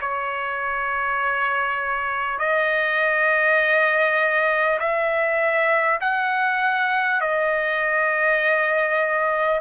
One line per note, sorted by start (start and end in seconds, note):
0.00 2.38 C#5
2.38 4.78 D#5
4.79 5.99 E5
6.01 7.20 F#5
7.20 9.60 D#5